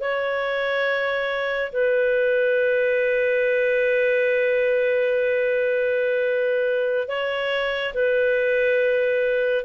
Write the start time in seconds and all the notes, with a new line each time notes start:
0.00 C#5
1.72 B4
7.08 C#5
7.94 B4